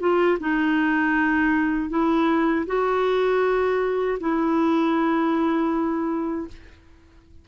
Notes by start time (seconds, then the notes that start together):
0.00 F4
0.40 D#4
1.89 E4
2.67 F#4
4.20 E4